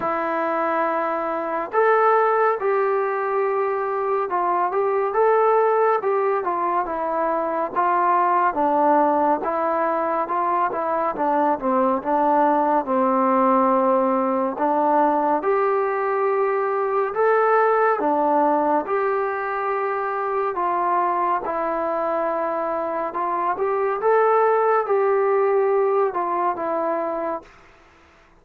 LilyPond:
\new Staff \with { instrumentName = "trombone" } { \time 4/4 \tempo 4 = 70 e'2 a'4 g'4~ | g'4 f'8 g'8 a'4 g'8 f'8 | e'4 f'4 d'4 e'4 | f'8 e'8 d'8 c'8 d'4 c'4~ |
c'4 d'4 g'2 | a'4 d'4 g'2 | f'4 e'2 f'8 g'8 | a'4 g'4. f'8 e'4 | }